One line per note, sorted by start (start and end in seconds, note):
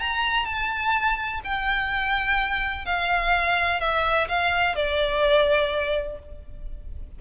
0.00 0.45 A#5
0.45 1.41 A5
1.44 2.86 G5
2.86 3.80 F5
3.80 4.28 E5
4.28 4.76 F5
4.76 6.19 D5